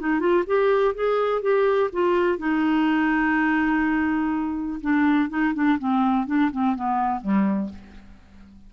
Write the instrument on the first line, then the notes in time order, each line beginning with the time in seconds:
clarinet
0.00 D#4
0.20 F4
0.47 G4
0.95 G#4
1.42 G4
1.93 F4
2.39 D#4
4.81 D4
5.30 D#4
5.54 D4
5.79 C4
6.27 D4
6.52 C4
6.76 B3
7.21 G3